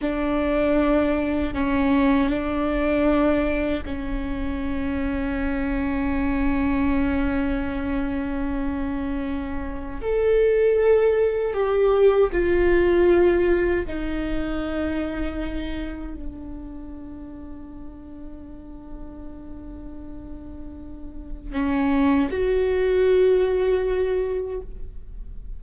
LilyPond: \new Staff \with { instrumentName = "viola" } { \time 4/4 \tempo 4 = 78 d'2 cis'4 d'4~ | d'4 cis'2.~ | cis'1~ | cis'4 a'2 g'4 |
f'2 dis'2~ | dis'4 d'2.~ | d'1 | cis'4 fis'2. | }